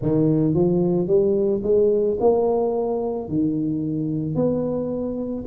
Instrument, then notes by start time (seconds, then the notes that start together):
tuba
0.01 D#3
0.54 F3
1.07 G3
1.63 G#3
2.20 A#3
3.28 D#3
4.35 B3